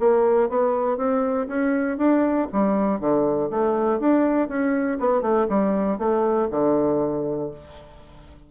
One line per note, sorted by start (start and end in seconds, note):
0.00 0.49 A#3
0.49 0.97 B3
0.97 1.47 C4
1.48 1.98 C#4
1.98 2.48 D4
2.52 3.00 G3
3.00 3.50 D3
3.50 4.00 A3
4.00 4.49 D4
4.49 4.99 C#4
5.00 5.22 B3
5.22 5.47 A3
5.49 5.99 G3
5.99 6.49 A3
6.51 7.51 D3